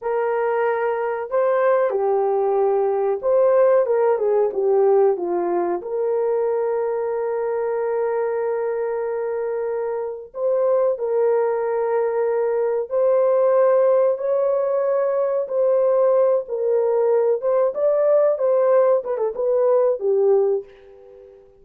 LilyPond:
\new Staff \with { instrumentName = "horn" } { \time 4/4 \tempo 4 = 93 ais'2 c''4 g'4~ | g'4 c''4 ais'8 gis'8 g'4 | f'4 ais'2.~ | ais'1 |
c''4 ais'2. | c''2 cis''2 | c''4. ais'4. c''8 d''8~ | d''8 c''4 b'16 a'16 b'4 g'4 | }